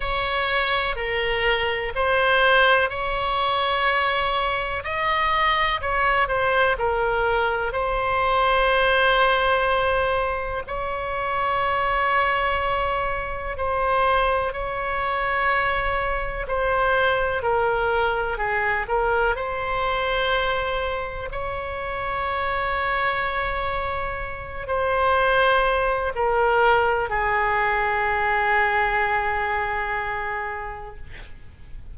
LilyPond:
\new Staff \with { instrumentName = "oboe" } { \time 4/4 \tempo 4 = 62 cis''4 ais'4 c''4 cis''4~ | cis''4 dis''4 cis''8 c''8 ais'4 | c''2. cis''4~ | cis''2 c''4 cis''4~ |
cis''4 c''4 ais'4 gis'8 ais'8 | c''2 cis''2~ | cis''4. c''4. ais'4 | gis'1 | }